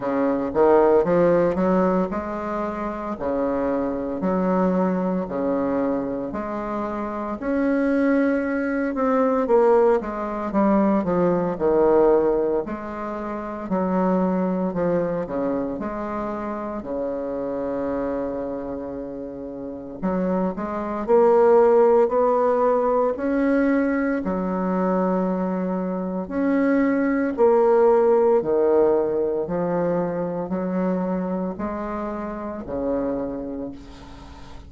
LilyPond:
\new Staff \with { instrumentName = "bassoon" } { \time 4/4 \tempo 4 = 57 cis8 dis8 f8 fis8 gis4 cis4 | fis4 cis4 gis4 cis'4~ | cis'8 c'8 ais8 gis8 g8 f8 dis4 | gis4 fis4 f8 cis8 gis4 |
cis2. fis8 gis8 | ais4 b4 cis'4 fis4~ | fis4 cis'4 ais4 dis4 | f4 fis4 gis4 cis4 | }